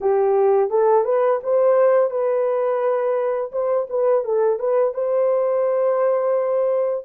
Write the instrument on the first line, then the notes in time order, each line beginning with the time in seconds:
horn
0.00 G4
0.69 A4
1.04 B4
1.43 C5
2.10 B4
3.51 C5
3.89 B4
4.24 A4
4.59 B4
4.93 C5